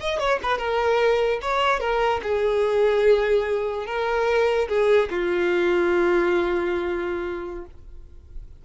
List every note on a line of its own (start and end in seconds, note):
0.00 0.19 D#5
0.19 0.40 C#5
0.43 0.58 B4
0.58 1.40 A#4
1.42 1.80 C#5
1.80 2.21 A#4
2.23 3.86 G#4
3.86 4.68 A#4
4.68 5.09 G#4
5.10 7.65 F4